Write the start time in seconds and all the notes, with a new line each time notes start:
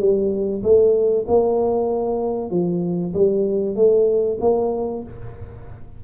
0.00 G3
0.63 A3
1.28 A#3
2.51 F3
3.14 G3
3.76 A3
4.41 A#3